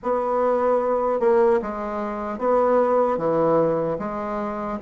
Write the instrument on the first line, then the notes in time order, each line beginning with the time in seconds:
bassoon
0.03 B3
1.20 A#3
1.61 G#3
2.38 B3
3.17 E3
3.98 G#3